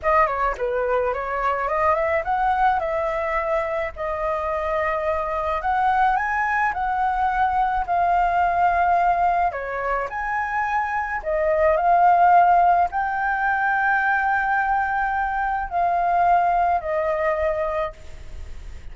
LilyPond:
\new Staff \with { instrumentName = "flute" } { \time 4/4 \tempo 4 = 107 dis''8 cis''8 b'4 cis''4 dis''8 e''8 | fis''4 e''2 dis''4~ | dis''2 fis''4 gis''4 | fis''2 f''2~ |
f''4 cis''4 gis''2 | dis''4 f''2 g''4~ | g''1 | f''2 dis''2 | }